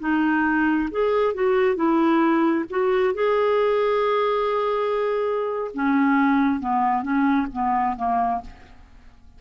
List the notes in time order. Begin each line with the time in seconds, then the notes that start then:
0.00 D#4
0.91 G#4
1.34 F#4
1.76 E4
2.70 F#4
3.14 G#4
5.74 C#4
6.60 B3
7.03 C#4
7.53 B3
7.97 A#3